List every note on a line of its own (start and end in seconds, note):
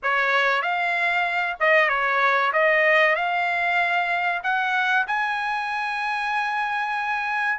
0.02 0.61 C#5
0.61 1.56 F5
1.60 1.88 D#5
1.88 2.51 C#5
2.52 3.15 D#5
3.15 4.42 F5
4.43 5.06 F#5
5.07 7.58 G#5